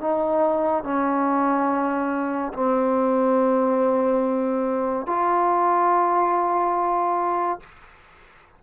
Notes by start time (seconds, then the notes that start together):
0.00 D#4
0.84 C#4
2.53 C4
5.07 F4